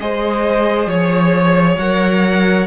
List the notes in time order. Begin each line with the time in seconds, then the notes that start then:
0.00 G#3 G#4 C5 D#5
0.87 F3 C#5
1.78 F#3 A#4 F#5